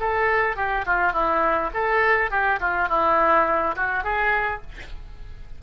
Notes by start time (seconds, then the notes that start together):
0.00 A4
0.56 G4
0.86 F4
1.13 E4
1.74 A4
2.31 G4
2.61 F4
2.89 E4
3.76 F#4
4.04 G#4